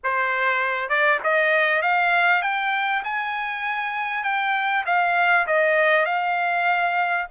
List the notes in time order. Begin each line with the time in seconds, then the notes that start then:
0.03 C5
0.89 D5
1.23 D#5
1.82 F5
2.42 G5
3.04 G#5
4.23 G5
4.85 F5
5.47 D#5
6.05 F5